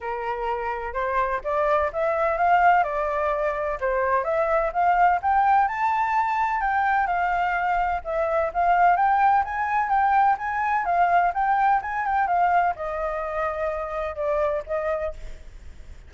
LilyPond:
\new Staff \with { instrumentName = "flute" } { \time 4/4 \tempo 4 = 127 ais'2 c''4 d''4 | e''4 f''4 d''2 | c''4 e''4 f''4 g''4 | a''2 g''4 f''4~ |
f''4 e''4 f''4 g''4 | gis''4 g''4 gis''4 f''4 | g''4 gis''8 g''8 f''4 dis''4~ | dis''2 d''4 dis''4 | }